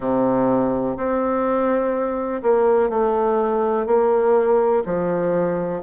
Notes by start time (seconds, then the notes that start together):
0.00 C3
0.96 C4
2.42 A#3
2.89 A3
3.86 A#3
4.85 F3